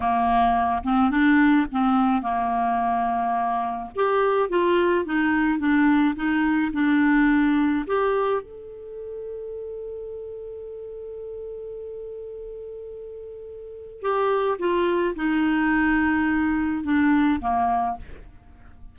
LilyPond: \new Staff \with { instrumentName = "clarinet" } { \time 4/4 \tempo 4 = 107 ais4. c'8 d'4 c'4 | ais2. g'4 | f'4 dis'4 d'4 dis'4 | d'2 g'4 a'4~ |
a'1~ | a'1~ | a'4 g'4 f'4 dis'4~ | dis'2 d'4 ais4 | }